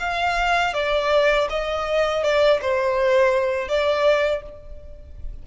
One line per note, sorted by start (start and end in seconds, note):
0.00 0.74 F5
0.74 1.48 D5
1.50 2.23 D#5
2.23 2.60 D5
2.62 3.69 C5
3.69 4.43 D5